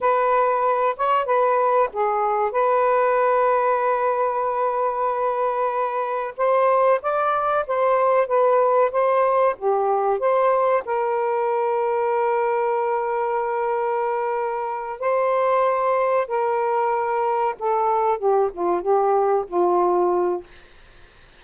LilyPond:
\new Staff \with { instrumentName = "saxophone" } { \time 4/4 \tempo 4 = 94 b'4. cis''8 b'4 gis'4 | b'1~ | b'2 c''4 d''4 | c''4 b'4 c''4 g'4 |
c''4 ais'2.~ | ais'2.~ ais'8 c''8~ | c''4. ais'2 a'8~ | a'8 g'8 f'8 g'4 f'4. | }